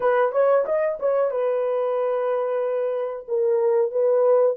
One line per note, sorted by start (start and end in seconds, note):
0.00 0.32 B4
0.32 0.64 C#5
0.65 0.98 D#5
0.99 1.30 C#5
1.30 3.26 B4
3.28 3.91 A#4
3.91 4.56 B4